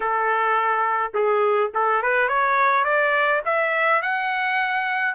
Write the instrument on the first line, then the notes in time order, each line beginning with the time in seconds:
trumpet
0.00 A4
1.14 G#4
1.74 A4
2.02 B4
2.28 C#5
2.84 D5
3.45 E5
4.02 F#5